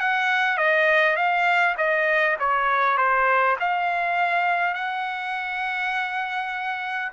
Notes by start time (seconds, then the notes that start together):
0.00 F#5
0.58 D#5
1.16 F5
1.77 D#5
2.40 C#5
2.97 C5
3.60 F5
4.74 F#5